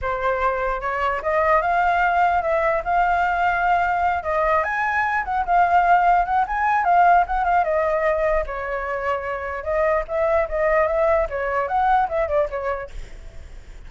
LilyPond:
\new Staff \with { instrumentName = "flute" } { \time 4/4 \tempo 4 = 149 c''2 cis''4 dis''4 | f''2 e''4 f''4~ | f''2~ f''8 dis''4 gis''8~ | gis''4 fis''8 f''2 fis''8 |
gis''4 f''4 fis''8 f''8 dis''4~ | dis''4 cis''2. | dis''4 e''4 dis''4 e''4 | cis''4 fis''4 e''8 d''8 cis''4 | }